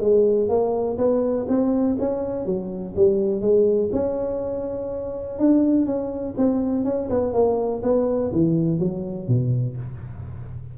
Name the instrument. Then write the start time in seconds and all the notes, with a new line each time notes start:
tuba
0.00 G#3
0.49 A#3
0.98 B3
1.48 C4
1.99 C#4
2.45 F#3
2.96 G3
3.41 G#3
3.92 C#4
5.39 D4
5.86 C#4
6.37 C4
6.84 C#4
7.10 B3
7.33 A#3
7.83 B3
8.32 E3
8.79 F#3
9.27 B2